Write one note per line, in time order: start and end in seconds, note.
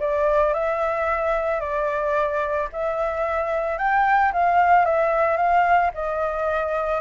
0.00 0.54 D5
0.54 1.61 E5
1.61 2.69 D5
2.73 3.78 E5
3.78 4.32 G5
4.33 4.86 F5
4.86 5.37 E5
5.37 5.91 F5
5.94 7.01 D#5